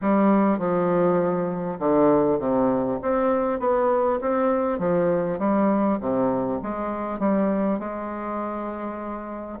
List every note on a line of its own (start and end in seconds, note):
0.01 0.58 G3
0.58 1.78 F3
1.79 2.39 D3
2.39 2.99 C3
3.02 3.59 C4
3.59 4.19 B3
4.21 4.78 C4
4.78 5.38 F3
5.38 5.98 G3
6.00 6.60 C3
6.62 7.19 G#3
7.19 7.79 G3
7.79 9.59 G#3